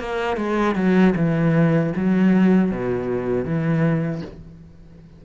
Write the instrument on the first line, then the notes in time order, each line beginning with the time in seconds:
cello
0.00 A#3
0.37 G#3
0.76 F#3
1.17 E3
1.97 F#3
2.72 B2
3.45 E3